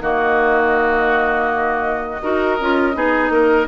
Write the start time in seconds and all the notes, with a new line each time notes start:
0.00 D#3 A#3 F#4 D#5
2.22 D#4 F#4 A#4
2.60 C#4 F4
2.93 B3 D#4 G#4
3.29 A#3 A#4